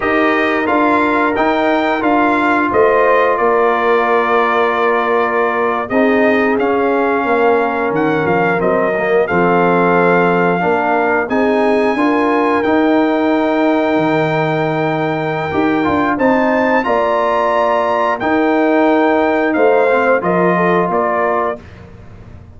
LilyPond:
<<
  \new Staff \with { instrumentName = "trumpet" } { \time 4/4 \tempo 4 = 89 dis''4 f''4 g''4 f''4 | dis''4 d''2.~ | d''8. dis''4 f''2 fis''16~ | fis''16 f''8 dis''4 f''2~ f''16~ |
f''8. gis''2 g''4~ g''16~ | g''1 | a''4 ais''2 g''4~ | g''4 f''4 dis''4 d''4 | }
  \new Staff \with { instrumentName = "horn" } { \time 4/4 ais'1 | c''4 ais'2.~ | ais'8. gis'2 ais'4~ ais'16~ | ais'4.~ ais'16 a'2 ais'16~ |
ais'8. gis'4 ais'2~ ais'16~ | ais'1 | c''4 d''2 ais'4~ | ais'4 c''4 ais'8 a'8 ais'4 | }
  \new Staff \with { instrumentName = "trombone" } { \time 4/4 g'4 f'4 dis'4 f'4~ | f'1~ | f'8. dis'4 cis'2~ cis'16~ | cis'8. c'8 ais8 c'2 d'16~ |
d'8. dis'4 f'4 dis'4~ dis'16~ | dis'2. g'8 f'8 | dis'4 f'2 dis'4~ | dis'4. c'8 f'2 | }
  \new Staff \with { instrumentName = "tuba" } { \time 4/4 dis'4 d'4 dis'4 d'4 | a4 ais2.~ | ais8. c'4 cis'4 ais4 dis16~ | dis16 f8 fis4 f2 ais16~ |
ais8. c'4 d'4 dis'4~ dis'16~ | dis'8. dis2~ dis16 dis'8 d'8 | c'4 ais2 dis'4~ | dis'4 a4 f4 ais4 | }
>>